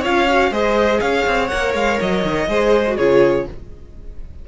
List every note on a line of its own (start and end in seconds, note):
0.00 0.50 C#4
0.00 0.28 F4
0.00 0.49 C#5
0.00 0.53 F5
0.28 0.51 F#4
0.50 0.99 G#3
0.50 1.49 G#4
0.50 1.00 C5
0.50 1.00 D#5
1.00 1.26 C#4
1.00 2.48 C#5
1.00 1.47 F5
1.26 1.51 C4
1.47 1.73 A#3
1.47 2.48 A#4
1.47 1.72 F#5
1.73 1.98 G#3
1.73 1.99 F5
2.00 2.23 F#3
2.00 2.97 D#5
2.23 2.48 D#3
2.48 2.97 G#3
2.48 2.85 G#4
2.48 2.96 C5
2.87 2.99 F#4
2.96 3.47 C#3
2.96 3.48 F4
2.96 3.45 G#4
2.96 3.46 C#5